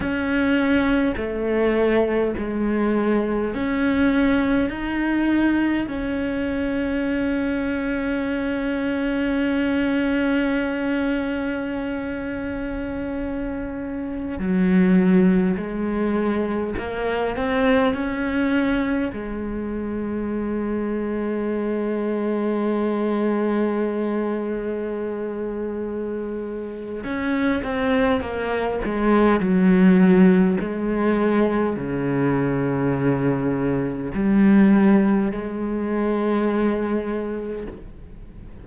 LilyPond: \new Staff \with { instrumentName = "cello" } { \time 4/4 \tempo 4 = 51 cis'4 a4 gis4 cis'4 | dis'4 cis'2.~ | cis'1~ | cis'16 fis4 gis4 ais8 c'8 cis'8.~ |
cis'16 gis2.~ gis8.~ | gis2. cis'8 c'8 | ais8 gis8 fis4 gis4 cis4~ | cis4 g4 gis2 | }